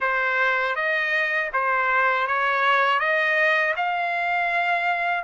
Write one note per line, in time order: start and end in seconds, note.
0.00 0.75 C5
0.75 1.50 D#5
1.53 2.27 C5
2.27 2.99 C#5
2.99 3.74 D#5
3.76 5.24 F5